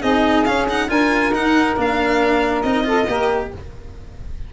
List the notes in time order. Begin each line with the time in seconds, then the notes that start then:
0.00 C4 D#4 G#4 D#5
0.44 C#4 F5
0.69 D#4 F#5
0.88 D4 F4 A#4 G#5
1.31 D#4 F#5
1.76 A#3 D4 F5
2.62 C4 D#4 D#5
2.84 F4 A4
3.06 A#3 G4 A#4